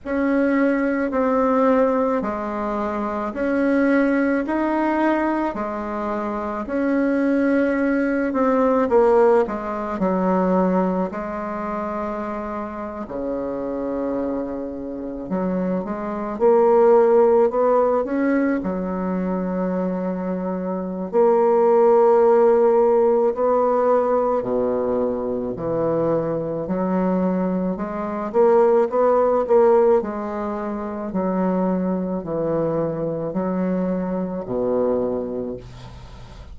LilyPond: \new Staff \with { instrumentName = "bassoon" } { \time 4/4 \tempo 4 = 54 cis'4 c'4 gis4 cis'4 | dis'4 gis4 cis'4. c'8 | ais8 gis8 fis4 gis4.~ gis16 cis16~ | cis4.~ cis16 fis8 gis8 ais4 b16~ |
b16 cis'8 fis2~ fis16 ais4~ | ais4 b4 b,4 e4 | fis4 gis8 ais8 b8 ais8 gis4 | fis4 e4 fis4 b,4 | }